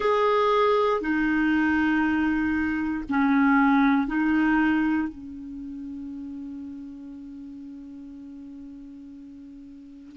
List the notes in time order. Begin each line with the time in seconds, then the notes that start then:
0.00 G#4
1.00 D#4
3.09 C#4
4.07 D#4
5.08 C#4